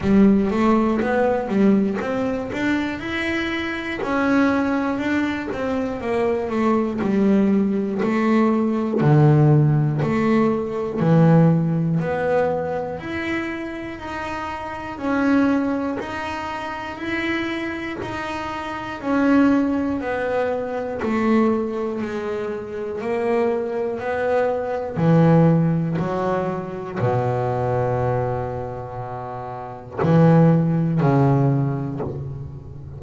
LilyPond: \new Staff \with { instrumentName = "double bass" } { \time 4/4 \tempo 4 = 60 g8 a8 b8 g8 c'8 d'8 e'4 | cis'4 d'8 c'8 ais8 a8 g4 | a4 d4 a4 e4 | b4 e'4 dis'4 cis'4 |
dis'4 e'4 dis'4 cis'4 | b4 a4 gis4 ais4 | b4 e4 fis4 b,4~ | b,2 e4 cis4 | }